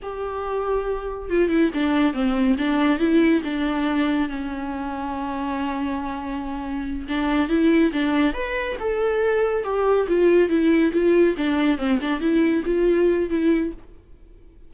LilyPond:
\new Staff \with { instrumentName = "viola" } { \time 4/4 \tempo 4 = 140 g'2. f'8 e'8 | d'4 c'4 d'4 e'4 | d'2 cis'2~ | cis'1~ |
cis'8 d'4 e'4 d'4 b'8~ | b'8 a'2 g'4 f'8~ | f'8 e'4 f'4 d'4 c'8 | d'8 e'4 f'4. e'4 | }